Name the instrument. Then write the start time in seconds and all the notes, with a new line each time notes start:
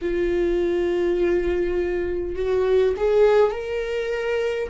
viola
0.01 F4
2.35 F#4
2.96 G#4
3.51 A#4